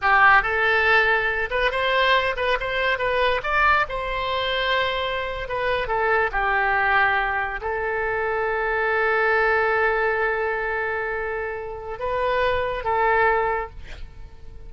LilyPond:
\new Staff \with { instrumentName = "oboe" } { \time 4/4 \tempo 4 = 140 g'4 a'2~ a'8 b'8 | c''4. b'8 c''4 b'4 | d''4 c''2.~ | c''8. b'4 a'4 g'4~ g'16~ |
g'4.~ g'16 a'2~ a'16~ | a'1~ | a'1 | b'2 a'2 | }